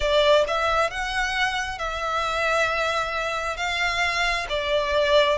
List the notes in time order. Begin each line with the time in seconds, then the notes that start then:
0.00 D5
0.47 E5
0.90 F#5
1.78 E5
3.57 F5
4.49 D5